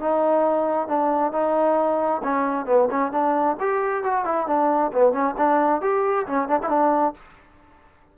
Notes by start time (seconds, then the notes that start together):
0.00 D#4
0.88 D4
1.32 D#4
2.24 C#4
2.66 B3
2.91 C#4
3.12 D4
3.60 G4
4.04 F#4
4.25 E4
4.47 D4
4.93 B3
5.13 C#4
5.38 D4
5.81 G4
6.27 C#4
6.48 D4
6.63 E4
6.69 D4